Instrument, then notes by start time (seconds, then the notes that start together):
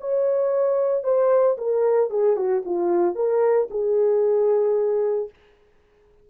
horn
0.00 C#5
1.03 C5
1.57 A#4
2.09 G#4
2.36 F#4
2.65 F4
3.15 A#4
3.70 G#4